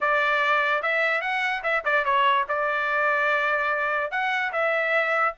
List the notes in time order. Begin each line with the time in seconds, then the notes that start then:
0.00 D5
0.82 E5
1.21 F#5
1.63 E5
1.85 D5
2.05 C#5
2.48 D5
4.11 F#5
4.52 E5